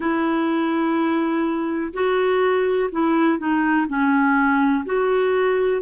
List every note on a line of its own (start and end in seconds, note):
0.00 1.93 E4
1.93 2.89 F#4
2.91 3.38 E4
3.38 3.87 D#4
3.87 4.84 C#4
4.85 5.82 F#4